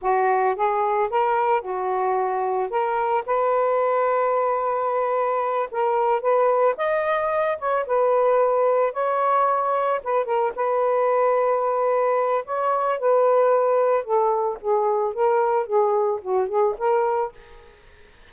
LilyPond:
\new Staff \with { instrumentName = "saxophone" } { \time 4/4 \tempo 4 = 111 fis'4 gis'4 ais'4 fis'4~ | fis'4 ais'4 b'2~ | b'2~ b'8 ais'4 b'8~ | b'8 dis''4. cis''8 b'4.~ |
b'8 cis''2 b'8 ais'8 b'8~ | b'2. cis''4 | b'2 a'4 gis'4 | ais'4 gis'4 fis'8 gis'8 ais'4 | }